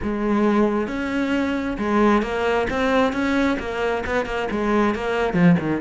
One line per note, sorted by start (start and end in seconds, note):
0.02 0.87 G#3
0.87 1.77 C#4
1.78 2.22 G#3
2.22 2.67 A#3
2.69 3.12 C4
3.12 3.57 C#4
3.59 4.04 A#3
4.06 4.25 B3
4.25 4.48 A#3
4.50 4.94 G#3
4.94 5.33 A#3
5.33 5.55 F3
5.59 5.81 D#3